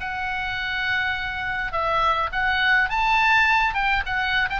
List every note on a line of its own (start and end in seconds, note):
0.00 1.72 F#5
1.72 2.29 E5
2.32 2.89 F#5
2.89 3.74 A5
3.74 4.03 G5
4.05 4.48 F#5
4.49 4.59 G5